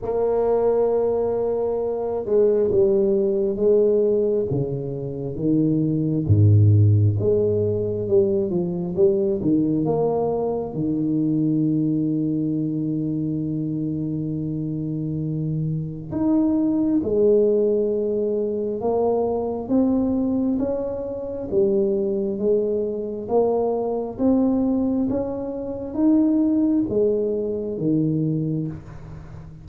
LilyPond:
\new Staff \with { instrumentName = "tuba" } { \time 4/4 \tempo 4 = 67 ais2~ ais8 gis8 g4 | gis4 cis4 dis4 gis,4 | gis4 g8 f8 g8 dis8 ais4 | dis1~ |
dis2 dis'4 gis4~ | gis4 ais4 c'4 cis'4 | g4 gis4 ais4 c'4 | cis'4 dis'4 gis4 dis4 | }